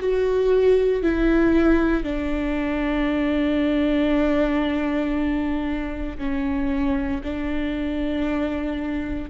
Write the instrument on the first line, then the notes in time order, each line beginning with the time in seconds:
viola
0.00 F#4
1.03 E4
2.04 D4
6.18 C#4
7.23 D4